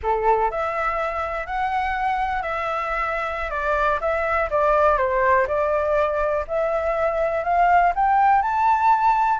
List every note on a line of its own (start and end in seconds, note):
0.02 0.51 A4
0.51 1.46 E5
1.46 2.42 F#5
2.42 3.50 E5
3.50 3.99 D5
4.00 4.49 E5
4.50 4.97 D5
4.97 5.46 C5
5.47 6.44 D5
6.47 7.44 E5
7.44 7.92 F5
7.95 8.41 G5
8.41 9.39 A5